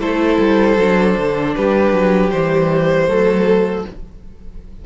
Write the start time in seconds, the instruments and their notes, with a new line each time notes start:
0.00 cello A3, viola E4, violin A4 C5
0.39 cello G3
0.77 cello F#3, viola D4
1.17 cello D3
1.55 cello G3, violin G4 B4
1.93 cello F#3
2.31 cello E3, viola G3, violin C5
3.07 cello F#3, viola A3, violin A4